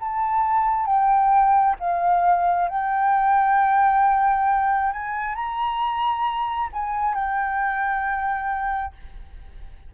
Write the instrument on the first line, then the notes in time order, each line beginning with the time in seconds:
flute
0.00 A5
0.86 G5
1.80 F5
2.69 G5
4.93 G#5
5.36 A#5
6.73 G#5
7.14 G5